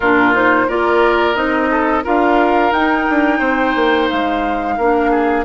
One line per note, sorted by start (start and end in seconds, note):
0.00 0.68 A#2
0.00 0.33 D4
0.00 0.66 F4
0.00 0.33 A#4
0.33 0.67 D#4
0.33 0.69 C5
0.67 1.35 A#3
0.67 1.34 F4
0.67 1.70 A#4
0.67 1.35 D5
1.34 2.03 C4
1.34 2.03 D#4
1.34 2.03 D#5
1.71 2.04 A4
2.04 2.71 D4
2.04 2.72 F4
2.04 3.38 A#4
2.04 2.72 F5
2.71 3.06 D#4
2.71 4.80 D#4
2.71 4.08 G5
3.09 3.40 D4
3.38 3.74 C4
3.38 4.75 C5
3.75 4.09 A#3
4.09 4.77 G#3
4.09 5.45 F5
4.77 5.45 A#3
4.77 5.45 D4
4.77 5.11 A#4
5.11 5.45 G#4